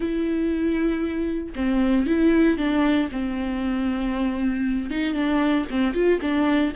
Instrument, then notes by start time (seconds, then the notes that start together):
viola
0.00 E4
1.55 C4
2.06 E4
2.57 D4
3.11 C4
4.90 D#4
5.13 D4
5.70 C4
5.94 F4
6.21 D4